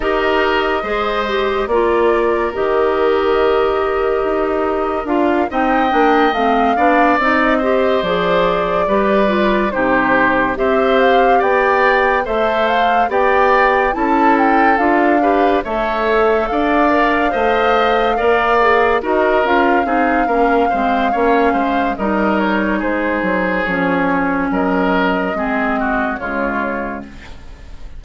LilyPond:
<<
  \new Staff \with { instrumentName = "flute" } { \time 4/4 \tempo 4 = 71 dis''2 d''4 dis''4~ | dis''2 f''8 g''4 f''8~ | f''8 dis''4 d''2 c''8~ | c''8 e''8 f''8 g''4 e''8 f''8 g''8~ |
g''8 a''8 g''8 f''4 e''4 f''8~ | f''2~ f''8 dis''8 f''4~ | f''2 dis''8 cis''8 c''4 | cis''4 dis''2 cis''4 | }
  \new Staff \with { instrumentName = "oboe" } { \time 4/4 ais'4 c''4 ais'2~ | ais'2~ ais'8 dis''4. | d''4 c''4. b'4 g'8~ | g'8 c''4 d''4 c''4 d''8~ |
d''8 a'4. b'8 cis''4 d''8~ | d''8 dis''4 d''4 ais'4 gis'8 | ais'8 c''8 cis''8 c''8 ais'4 gis'4~ | gis'4 ais'4 gis'8 fis'8 f'4 | }
  \new Staff \with { instrumentName = "clarinet" } { \time 4/4 g'4 gis'8 g'8 f'4 g'4~ | g'2 f'8 dis'8 d'8 c'8 | d'8 dis'8 g'8 gis'4 g'8 f'8 dis'8~ | dis'8 g'2 a'4 g'8~ |
g'8 e'4 f'8 g'8 a'4. | ais'8 c''4 ais'8 gis'8 fis'8 f'8 dis'8 | cis'8 c'8 cis'4 dis'2 | cis'2 c'4 gis4 | }
  \new Staff \with { instrumentName = "bassoon" } { \time 4/4 dis'4 gis4 ais4 dis4~ | dis4 dis'4 d'8 c'8 ais8 a8 | b8 c'4 f4 g4 c8~ | c8 c'4 b4 a4 b8~ |
b8 cis'4 d'4 a4 d'8~ | d'8 a4 ais4 dis'8 cis'8 c'8 | ais8 gis8 ais8 gis8 g4 gis8 fis8 | f4 fis4 gis4 cis4 | }
>>